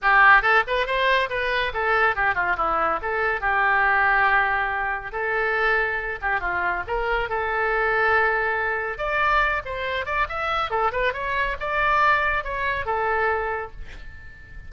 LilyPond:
\new Staff \with { instrumentName = "oboe" } { \time 4/4 \tempo 4 = 140 g'4 a'8 b'8 c''4 b'4 | a'4 g'8 f'8 e'4 a'4 | g'1 | a'2~ a'8 g'8 f'4 |
ais'4 a'2.~ | a'4 d''4. c''4 d''8 | e''4 a'8 b'8 cis''4 d''4~ | d''4 cis''4 a'2 | }